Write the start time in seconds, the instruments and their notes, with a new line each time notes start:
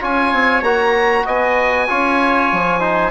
0.00 bassoon C#4, trombone F4, trumpet C#5, oboe G#5
0.32 bassoon C4
0.62 bassoon A#3, trombone F#4, oboe A#5
1.25 bassoon B3, trumpet D#5, oboe G#5
1.88 bassoon C#4, trombone F4, trumpet C#5
2.52 bassoon F3
2.80 trombone D#4, trumpet C5